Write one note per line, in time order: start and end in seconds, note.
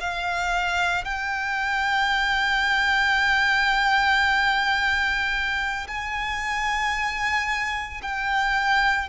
0.00 1.05 F5
1.05 5.87 G5
5.87 8.02 G#5
8.02 9.09 G5